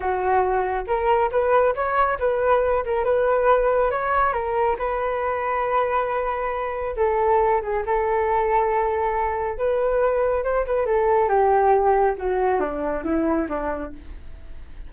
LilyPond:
\new Staff \with { instrumentName = "flute" } { \time 4/4 \tempo 4 = 138 fis'2 ais'4 b'4 | cis''4 b'4. ais'8 b'4~ | b'4 cis''4 ais'4 b'4~ | b'1 |
a'4. gis'8 a'2~ | a'2 b'2 | c''8 b'8 a'4 g'2 | fis'4 d'4 e'4 d'4 | }